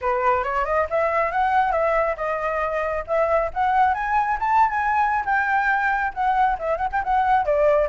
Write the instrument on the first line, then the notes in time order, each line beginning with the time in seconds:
flute
0.01 B4
0.43 C#5
0.65 D#5
0.90 E5
1.31 F#5
1.72 E5
2.16 D#5
3.07 E5
3.53 F#5
3.94 G#5
4.39 A5
4.70 G#5
5.25 G5
6.13 F#5
6.58 E5
6.77 F#5
6.91 G5
7.03 F#5
7.45 D5